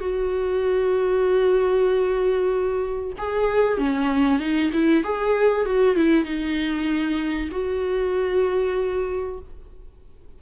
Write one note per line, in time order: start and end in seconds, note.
0.00 3.12 F#4
3.18 3.78 G#4
3.78 4.39 C#4
4.39 4.70 D#4
4.73 5.04 E4
5.04 5.65 G#4
5.65 5.95 F#4
5.95 6.24 E4
6.24 7.49 D#4
7.51 9.39 F#4